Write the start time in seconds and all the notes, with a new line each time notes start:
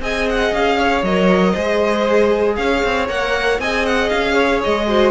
0.00 C4 G#4 D#5 G#5
0.29 F#5
0.52 C#4 F5
0.78 C#5
1.02 F#3 A#4 D#5
1.52 G#3 G#4 C5
2.55 C#4 C#5 F5
2.84 C4
3.08 A#3 A#4 F#5
3.59 C4 G#4 D#5 G#5
3.86 F#5
4.09 C#4 F5
4.34 C#5
4.64 G#3 D#5
4.88 F#4 C5